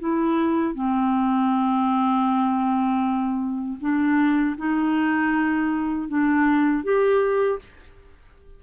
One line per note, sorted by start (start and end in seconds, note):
0.00 0.75 E4
0.75 3.78 C4
3.81 4.57 D4
4.58 6.09 D#4
6.09 6.84 D4
6.84 7.60 G4